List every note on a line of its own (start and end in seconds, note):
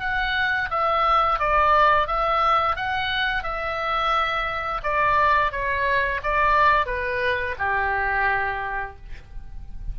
0.00 0.69 F#5
0.70 1.39 E5
1.39 2.07 D5
2.07 2.76 E5
2.76 3.43 F#5
3.43 4.81 E5
4.83 5.52 D5
5.52 6.21 C#5
6.23 6.86 D5
6.86 7.55 B4
7.58 8.96 G4